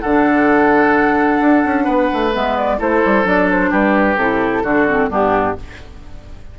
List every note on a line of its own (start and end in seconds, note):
0.00 1.40 D3
0.00 2.32 D4
0.00 1.84 A4
0.00 2.31 F#5
1.40 1.63 D4
1.65 1.87 C#4
1.84 2.10 B3
1.84 2.77 B4
2.13 2.35 A3
2.32 2.79 G#3
2.32 2.78 B3
2.32 2.57 E5
2.57 2.80 D5
2.78 3.02 A3
2.78 3.24 E4
2.78 3.70 A4
2.78 3.27 C5
3.05 3.25 G3
3.24 3.71 F#3
3.24 4.16 D4
3.24 3.50 D5
3.51 3.72 C5
3.70 4.16 G3
3.70 4.62 G4
3.70 4.17 B4
4.16 4.62 C3
4.16 4.64 E4
4.16 5.09 A4
4.63 5.09 D3
4.63 4.87 D4
4.63 5.09 F#4
4.88 5.10 C4
5.09 5.55 G2
5.09 5.56 B3
5.09 5.57 D4
5.09 5.59 G4